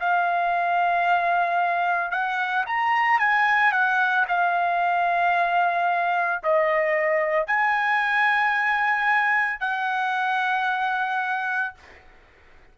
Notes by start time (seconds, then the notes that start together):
0.00 F5
2.11 F#5
2.66 A#5
3.19 G#5
3.72 F#5
4.28 F5
6.43 D#5
7.46 G#5
9.60 F#5